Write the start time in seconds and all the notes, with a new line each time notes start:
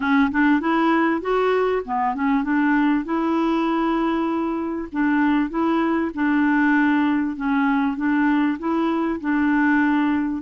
0.00 C#4
0.31 D4
0.60 E4
1.21 F#4
1.85 B3
2.14 C#4
2.43 D4
3.04 E4
4.91 D4
5.49 E4
6.14 D4
7.36 C#4
7.96 D4
8.59 E4
9.20 D4